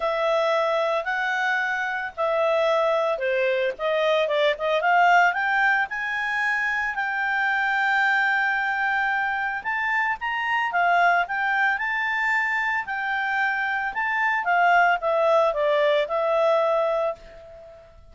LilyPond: \new Staff \with { instrumentName = "clarinet" } { \time 4/4 \tempo 4 = 112 e''2 fis''2 | e''2 c''4 dis''4 | d''8 dis''8 f''4 g''4 gis''4~ | gis''4 g''2.~ |
g''2 a''4 ais''4 | f''4 g''4 a''2 | g''2 a''4 f''4 | e''4 d''4 e''2 | }